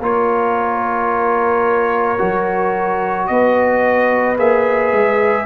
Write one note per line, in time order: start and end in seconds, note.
0.00 2.18 A#3
0.00 2.19 F4
0.00 3.29 A#4
0.00 3.27 C#5
2.19 3.30 F#3
2.19 4.37 F#4
3.27 4.39 B3
3.27 5.46 B4
3.27 4.37 D#5
4.38 4.93 A#3
4.38 5.46 G#4
4.38 5.46 E5
4.93 5.46 G#3